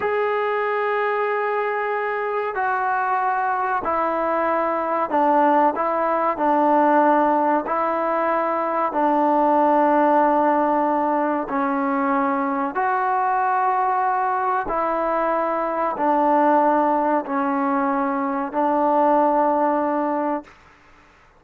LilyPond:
\new Staff \with { instrumentName = "trombone" } { \time 4/4 \tempo 4 = 94 gis'1 | fis'2 e'2 | d'4 e'4 d'2 | e'2 d'2~ |
d'2 cis'2 | fis'2. e'4~ | e'4 d'2 cis'4~ | cis'4 d'2. | }